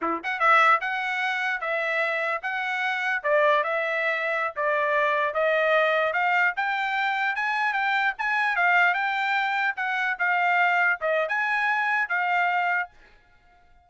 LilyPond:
\new Staff \with { instrumentName = "trumpet" } { \time 4/4 \tempo 4 = 149 e'8 fis''8 e''4 fis''2 | e''2 fis''2 | d''4 e''2~ e''16 d''8.~ | d''4~ d''16 dis''2 f''8.~ |
f''16 g''2 gis''4 g''8.~ | g''16 gis''4 f''4 g''4.~ g''16~ | g''16 fis''4 f''2 dis''8. | gis''2 f''2 | }